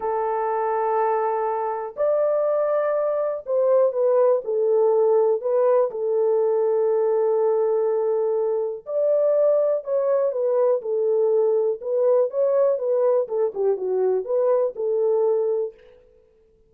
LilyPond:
\new Staff \with { instrumentName = "horn" } { \time 4/4 \tempo 4 = 122 a'1 | d''2. c''4 | b'4 a'2 b'4 | a'1~ |
a'2 d''2 | cis''4 b'4 a'2 | b'4 cis''4 b'4 a'8 g'8 | fis'4 b'4 a'2 | }